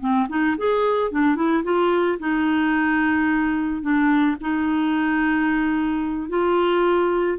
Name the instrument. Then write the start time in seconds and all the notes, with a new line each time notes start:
clarinet
0.00 C4
0.29 D#4
0.58 G#4
1.11 D4
1.36 E4
1.64 F4
2.19 D#4
3.82 D4
4.41 D#4
6.29 F4